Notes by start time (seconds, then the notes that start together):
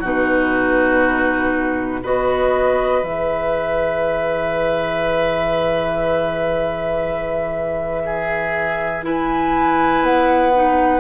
0.00 B2 D#4 F#4 B4
2.02 B3 F#4 B4 D#5
3.02 E3 G#4 E5
8.05 G#4
9.02 E4 B4 G#5
10.02 B3 F#5
10.54 D#4